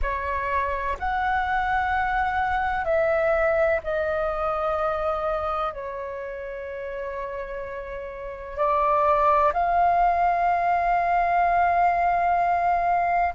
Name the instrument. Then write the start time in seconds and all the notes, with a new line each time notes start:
flute
0.02 C#5
0.99 F#5
2.84 E5
3.84 D#5
5.72 C#5
8.57 D5
9.53 F5